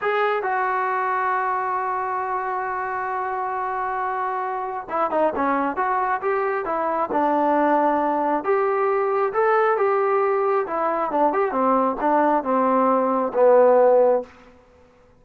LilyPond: \new Staff \with { instrumentName = "trombone" } { \time 4/4 \tempo 4 = 135 gis'4 fis'2.~ | fis'1~ | fis'2. e'8 dis'8 | cis'4 fis'4 g'4 e'4 |
d'2. g'4~ | g'4 a'4 g'2 | e'4 d'8 g'8 c'4 d'4 | c'2 b2 | }